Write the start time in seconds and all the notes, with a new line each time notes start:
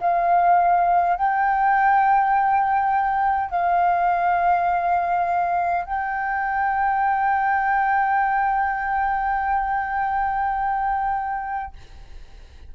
0.00 F5
1.16 G5
3.50 F5
5.85 G5